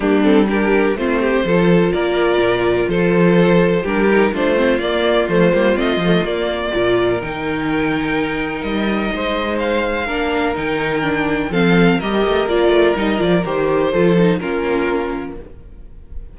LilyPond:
<<
  \new Staff \with { instrumentName = "violin" } { \time 4/4 \tempo 4 = 125 g'8 a'8 ais'4 c''2 | d''2 c''2 | ais'4 c''4 d''4 c''4 | dis''4 d''2 g''4~ |
g''2 dis''2 | f''2 g''2 | f''4 dis''4 d''4 dis''8 d''8 | c''2 ais'2 | }
  \new Staff \with { instrumentName = "violin" } { \time 4/4 d'4 g'4 f'8 g'8 a'4 | ais'2 a'2 | g'4 f'2.~ | f'2 ais'2~ |
ais'2. c''4~ | c''4 ais'2. | a'4 ais'2.~ | ais'4 a'4 f'2 | }
  \new Staff \with { instrumentName = "viola" } { \time 4/4 ais8 c'8 d'4 c'4 f'4~ | f'1 | d'8 dis'8 d'8 c'8 ais4 a8 ais8 | c'8 a8 ais4 f'4 dis'4~ |
dis'1~ | dis'4 d'4 dis'4 d'4 | c'4 g'4 f'4 dis'8 f'8 | g'4 f'8 dis'8 cis'2 | }
  \new Staff \with { instrumentName = "cello" } { \time 4/4 g2 a4 f4 | ais4 ais,4 f2 | g4 a4 ais4 f8 g8 | a8 f8 ais4 ais,4 dis4~ |
dis2 g4 gis4~ | gis4 ais4 dis2 | f4 g8 a8 ais8 a8 g8 f8 | dis4 f4 ais2 | }
>>